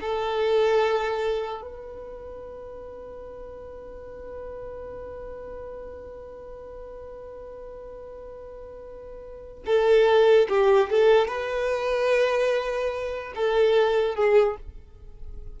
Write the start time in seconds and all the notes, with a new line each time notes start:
0.00 A4
1.61 B4
9.65 A4
10.48 G4
10.90 A4
11.27 B4
13.35 A4
14.15 G#4